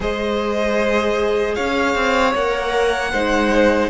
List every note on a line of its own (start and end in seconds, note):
0.00 1.55 G#3
0.00 2.33 G#4
0.00 1.55 C5
0.00 1.55 D#5
1.55 1.95 C#4
1.55 3.11 C#5
1.55 2.33 F5
1.95 2.34 C4
2.34 3.12 A#3
2.34 3.12 A#4
2.34 3.89 F#5
3.12 3.89 G#3
3.12 3.89 D#4
3.12 3.89 C5